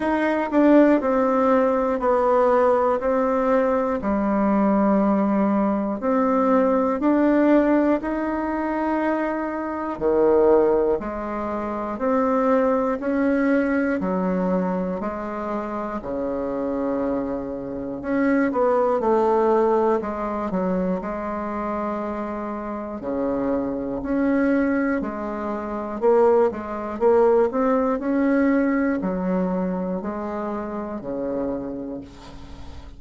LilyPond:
\new Staff \with { instrumentName = "bassoon" } { \time 4/4 \tempo 4 = 60 dis'8 d'8 c'4 b4 c'4 | g2 c'4 d'4 | dis'2 dis4 gis4 | c'4 cis'4 fis4 gis4 |
cis2 cis'8 b8 a4 | gis8 fis8 gis2 cis4 | cis'4 gis4 ais8 gis8 ais8 c'8 | cis'4 fis4 gis4 cis4 | }